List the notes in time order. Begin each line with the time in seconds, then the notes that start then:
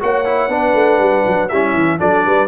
0.00 A#3 F#4 C#5 F#5
0.26 E4
0.48 B3 D4 B4
0.74 A3
0.98 G3
1.27 F#3
1.49 G3 C#4 E4 E5
1.74 E3
1.99 F#3 D4 A4 D5
2.26 G3 B4